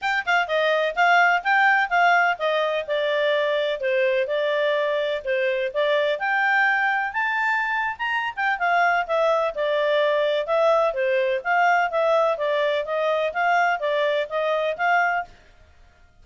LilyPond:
\new Staff \with { instrumentName = "clarinet" } { \time 4/4 \tempo 4 = 126 g''8 f''8 dis''4 f''4 g''4 | f''4 dis''4 d''2 | c''4 d''2 c''4 | d''4 g''2 a''4~ |
a''8. ais''8. g''8 f''4 e''4 | d''2 e''4 c''4 | f''4 e''4 d''4 dis''4 | f''4 d''4 dis''4 f''4 | }